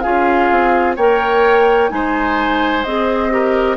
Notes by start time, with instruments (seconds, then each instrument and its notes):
0.00 bassoon C#4, clarinet F4, oboe G#4, flute F5
0.50 bassoon C4
0.96 bassoon A#3, clarinet A#4, oboe C#5, flute G5
1.89 bassoon G#3, clarinet D#4, oboe C5, flute G#5
2.83 bassoon C4, clarinet G#4, flute D#5
3.29 clarinet G4, oboe A#4